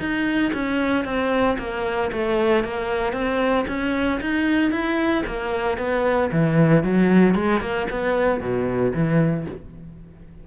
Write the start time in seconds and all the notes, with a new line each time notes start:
0.00 D#4
0.54 C#4
1.05 C4
1.59 A#3
2.12 A3
2.65 A#3
3.13 C4
3.68 C#4
4.21 D#4
4.72 E4
5.27 A#3
5.78 B3
6.33 E3
6.84 F#3
7.35 G#3
7.61 A#3
7.91 B3
8.41 B2
8.94 E3